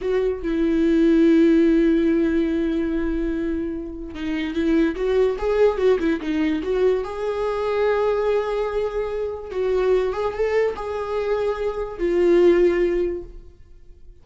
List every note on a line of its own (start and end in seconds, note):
0.01 0.42 F#4
0.42 4.14 E4
4.14 4.53 D#4
4.53 4.95 E4
4.95 5.36 F#4
5.38 5.77 G#4
5.77 5.98 F#4
5.99 6.20 E4
6.20 6.62 D#4
6.62 7.04 F#4
7.04 9.50 G#4
9.50 10.12 F#4
10.12 10.33 G#4
10.33 10.74 A4
10.75 11.98 G#4
11.98 13.22 F4